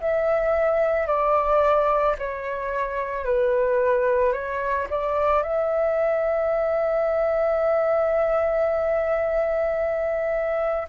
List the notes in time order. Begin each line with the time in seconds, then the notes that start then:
0.00 E5
1.07 D5
2.18 C#5
3.24 B4
4.32 C#5
4.90 D5
5.42 E5